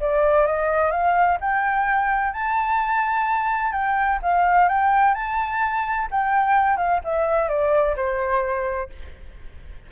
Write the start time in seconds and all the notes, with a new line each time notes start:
0.00 D5
0.46 D#5
0.91 F5
1.40 G5
2.33 A5
3.72 G5
4.22 F5
4.68 G5
5.14 A5
6.11 G5
6.77 F5
7.04 E5
7.48 D5
7.96 C5